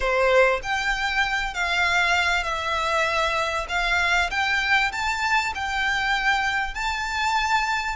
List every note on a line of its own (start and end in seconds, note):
0.00 0.60 C5
0.63 1.53 G5
1.53 2.43 F5
2.43 3.66 E5
3.68 4.30 F5
4.30 4.91 G5
4.91 5.53 A5
5.54 6.74 G5
6.74 7.95 A5